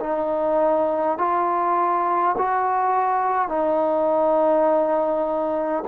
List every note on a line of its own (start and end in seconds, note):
0.00 1.18 D#4
1.18 2.36 F4
2.37 3.49 F#4
3.49 5.84 D#4